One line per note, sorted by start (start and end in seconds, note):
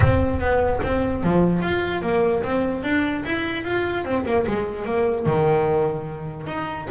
0.00 0.40 C4
0.40 0.80 B3
0.83 1.23 C4
1.23 1.61 F3
1.61 2.02 F4
2.02 2.42 A#3
2.43 2.83 C4
2.83 3.23 D4
3.25 3.64 E4
3.64 4.04 F4
4.04 4.25 C4
4.25 4.45 A#3
4.46 4.85 G#3
4.85 5.26 A#3
5.26 6.46 D#3
6.46 6.87 D#4